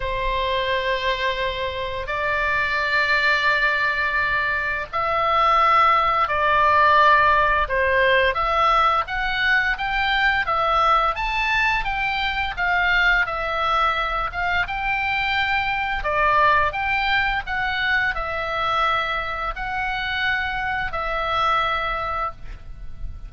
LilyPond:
\new Staff \with { instrumentName = "oboe" } { \time 4/4 \tempo 4 = 86 c''2. d''4~ | d''2. e''4~ | e''4 d''2 c''4 | e''4 fis''4 g''4 e''4 |
a''4 g''4 f''4 e''4~ | e''8 f''8 g''2 d''4 | g''4 fis''4 e''2 | fis''2 e''2 | }